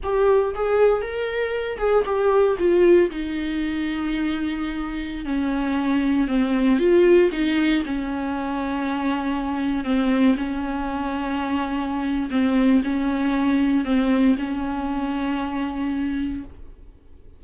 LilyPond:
\new Staff \with { instrumentName = "viola" } { \time 4/4 \tempo 4 = 117 g'4 gis'4 ais'4. gis'8 | g'4 f'4 dis'2~ | dis'2~ dis'16 cis'4.~ cis'16~ | cis'16 c'4 f'4 dis'4 cis'8.~ |
cis'2.~ cis'16 c'8.~ | c'16 cis'2.~ cis'8. | c'4 cis'2 c'4 | cis'1 | }